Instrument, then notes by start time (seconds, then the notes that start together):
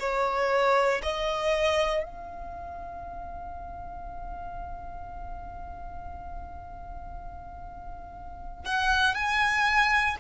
violin
0.00 C#5
1.03 D#5
2.04 F5
8.65 F#5
9.15 G#5